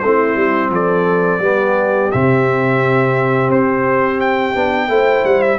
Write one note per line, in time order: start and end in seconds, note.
0.00 0.36 A3
0.00 1.42 C4
0.00 0.72 E4
0.00 0.70 C5
0.36 0.70 G3
0.70 1.40 F3
0.70 1.41 A4
0.70 2.12 D5
1.40 2.10 G3
1.40 2.12 B3
1.40 4.90 G4
2.12 3.50 C3
2.12 4.55 C4
2.12 3.51 E5
3.50 4.54 C4
3.50 4.21 C5
4.21 5.25 G5
4.55 4.89 B3
4.55 4.89 D4
4.89 5.24 A3
4.89 5.59 E4
4.89 5.60 C5
5.25 5.59 G3
5.25 5.42 F#5
5.42 5.60 E5